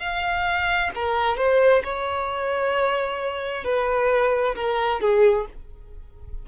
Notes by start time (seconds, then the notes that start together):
0.00 F5
0.95 A#4
1.37 C5
1.84 C#5
3.64 B4
4.56 A#4
5.01 G#4